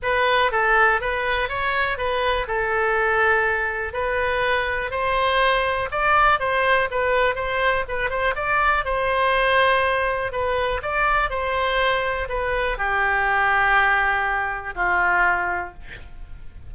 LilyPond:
\new Staff \with { instrumentName = "oboe" } { \time 4/4 \tempo 4 = 122 b'4 a'4 b'4 cis''4 | b'4 a'2. | b'2 c''2 | d''4 c''4 b'4 c''4 |
b'8 c''8 d''4 c''2~ | c''4 b'4 d''4 c''4~ | c''4 b'4 g'2~ | g'2 f'2 | }